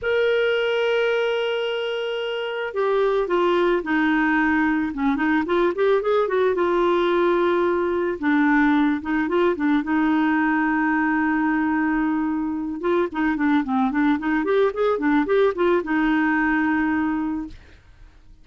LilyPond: \new Staff \with { instrumentName = "clarinet" } { \time 4/4 \tempo 4 = 110 ais'1~ | ais'4 g'4 f'4 dis'4~ | dis'4 cis'8 dis'8 f'8 g'8 gis'8 fis'8 | f'2. d'4~ |
d'8 dis'8 f'8 d'8 dis'2~ | dis'2.~ dis'8 f'8 | dis'8 d'8 c'8 d'8 dis'8 g'8 gis'8 d'8 | g'8 f'8 dis'2. | }